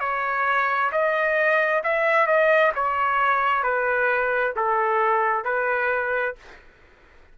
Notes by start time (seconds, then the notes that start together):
0.00 C#5
0.92 D#5
1.84 E5
2.27 D#5
2.75 C#5
3.63 B4
4.56 A4
5.45 B4